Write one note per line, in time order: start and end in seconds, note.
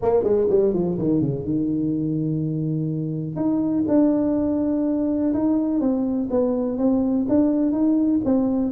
0.02 0.23 A#3
0.23 0.47 G#3
0.49 0.73 G3
0.73 0.98 F3
0.98 1.21 D#3
1.21 1.44 C#3
1.44 3.36 D#3
3.36 3.84 D#4
3.88 5.33 D4
5.33 5.80 D#4
5.80 6.28 C4
6.30 6.78 B3
6.78 7.26 C4
7.28 7.72 D4
7.72 8.20 D#4
8.25 8.71 C4